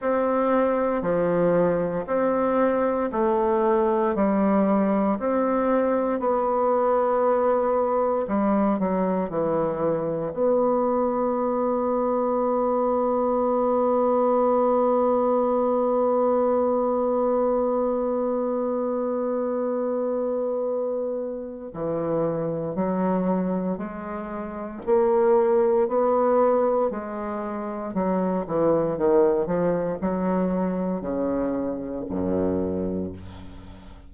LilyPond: \new Staff \with { instrumentName = "bassoon" } { \time 4/4 \tempo 4 = 58 c'4 f4 c'4 a4 | g4 c'4 b2 | g8 fis8 e4 b2~ | b1~ |
b1~ | b4 e4 fis4 gis4 | ais4 b4 gis4 fis8 e8 | dis8 f8 fis4 cis4 fis,4 | }